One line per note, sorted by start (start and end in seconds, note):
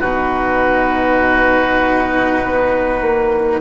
0.00 2.42 B2
0.00 3.61 D#4
0.00 3.60 F#4
0.00 3.61 B4
2.44 3.01 B3
3.01 3.61 A#3